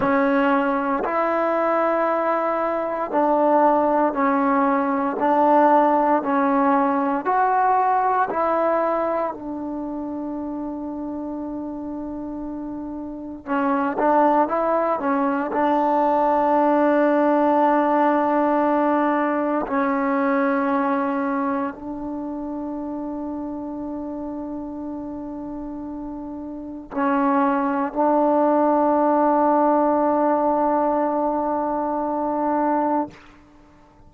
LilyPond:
\new Staff \with { instrumentName = "trombone" } { \time 4/4 \tempo 4 = 58 cis'4 e'2 d'4 | cis'4 d'4 cis'4 fis'4 | e'4 d'2.~ | d'4 cis'8 d'8 e'8 cis'8 d'4~ |
d'2. cis'4~ | cis'4 d'2.~ | d'2 cis'4 d'4~ | d'1 | }